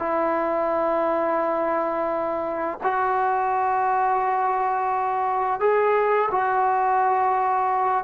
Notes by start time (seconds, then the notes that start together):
0.00 E4
2.84 F#4
5.60 G#4
6.32 F#4